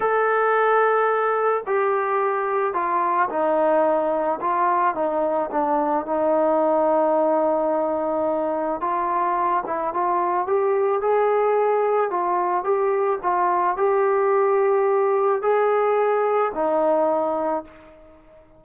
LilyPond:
\new Staff \with { instrumentName = "trombone" } { \time 4/4 \tempo 4 = 109 a'2. g'4~ | g'4 f'4 dis'2 | f'4 dis'4 d'4 dis'4~ | dis'1 |
f'4. e'8 f'4 g'4 | gis'2 f'4 g'4 | f'4 g'2. | gis'2 dis'2 | }